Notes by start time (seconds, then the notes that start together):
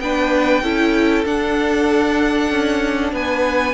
0.00 B3 D4 B4 G5
0.62 C#4 E4 A4
1.26 D4 F#5
2.51 C#4
3.12 B3 B4 G#5